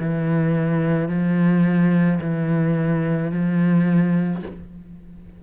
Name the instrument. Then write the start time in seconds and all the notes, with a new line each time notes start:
cello
0.00 E3
1.09 F3
2.21 E3
3.32 F3